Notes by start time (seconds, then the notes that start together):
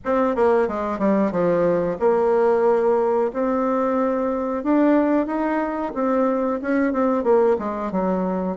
0.04 C4
0.35 A#3
0.67 G#3
0.99 G3
1.31 F3
1.99 A#3
3.33 C4
4.63 D4
5.26 D#4
5.94 C4
6.61 C#4
6.93 C4
7.23 A#3
7.59 G#3
7.91 F#3